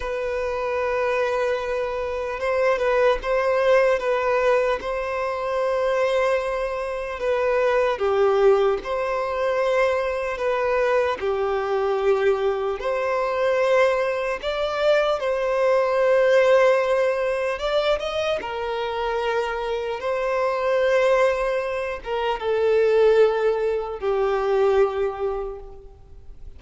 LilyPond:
\new Staff \with { instrumentName = "violin" } { \time 4/4 \tempo 4 = 75 b'2. c''8 b'8 | c''4 b'4 c''2~ | c''4 b'4 g'4 c''4~ | c''4 b'4 g'2 |
c''2 d''4 c''4~ | c''2 d''8 dis''8 ais'4~ | ais'4 c''2~ c''8 ais'8 | a'2 g'2 | }